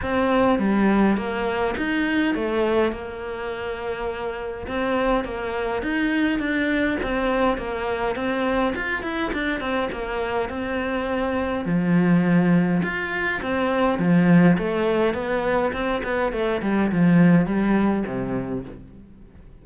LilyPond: \new Staff \with { instrumentName = "cello" } { \time 4/4 \tempo 4 = 103 c'4 g4 ais4 dis'4 | a4 ais2. | c'4 ais4 dis'4 d'4 | c'4 ais4 c'4 f'8 e'8 |
d'8 c'8 ais4 c'2 | f2 f'4 c'4 | f4 a4 b4 c'8 b8 | a8 g8 f4 g4 c4 | }